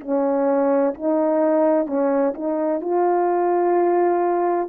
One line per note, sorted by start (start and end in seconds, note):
0.00 0.94 C#4
0.94 1.86 D#4
1.86 2.33 C#4
2.34 2.81 D#4
2.81 4.68 F4